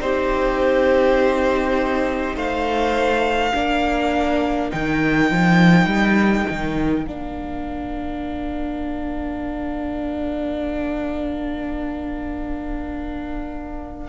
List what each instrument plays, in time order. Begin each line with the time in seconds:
0.00 cello C4, viola D#4, violin G4 C5
2.35 cello A3, violin C5 F5
3.51 cello A#3, viola D4, violin A#4
4.70 cello D#3, viola D#4, violin G5
5.31 cello F3
5.86 cello G3
6.50 cello D#3
7.05 cello A#3, viola D4, violin F5